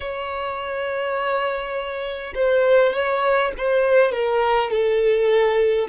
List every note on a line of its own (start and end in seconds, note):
0.00 2.33 C#5
2.35 2.93 C5
2.93 3.51 C#5
3.57 4.12 C5
4.12 4.70 A#4
4.70 5.88 A4